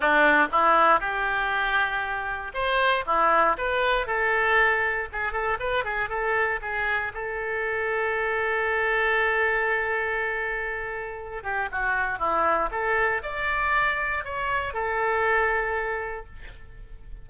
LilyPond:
\new Staff \with { instrumentName = "oboe" } { \time 4/4 \tempo 4 = 118 d'4 e'4 g'2~ | g'4 c''4 e'4 b'4 | a'2 gis'8 a'8 b'8 gis'8 | a'4 gis'4 a'2~ |
a'1~ | a'2~ a'8 g'8 fis'4 | e'4 a'4 d''2 | cis''4 a'2. | }